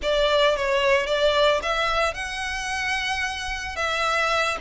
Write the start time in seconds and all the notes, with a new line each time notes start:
0.02 D5
0.56 C#5
1.06 D5
1.62 E5
2.14 F#5
3.76 E5